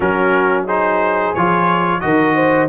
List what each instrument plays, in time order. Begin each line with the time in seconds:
0.00 tuba F#3, trombone C#4, horn F#4, trumpet A#4
0.65 trombone D#4, horn G#4, trumpet C5
1.34 tuba F3, trombone F4, trumpet C#5
2.00 tuba D#3, trombone F#4, horn A#4, trumpet D#5
2.34 horn C5